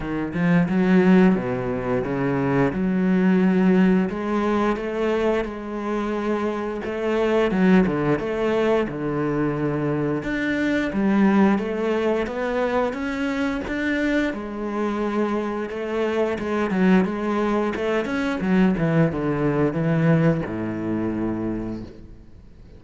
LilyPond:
\new Staff \with { instrumentName = "cello" } { \time 4/4 \tempo 4 = 88 dis8 f8 fis4 b,4 cis4 | fis2 gis4 a4 | gis2 a4 fis8 d8 | a4 d2 d'4 |
g4 a4 b4 cis'4 | d'4 gis2 a4 | gis8 fis8 gis4 a8 cis'8 fis8 e8 | d4 e4 a,2 | }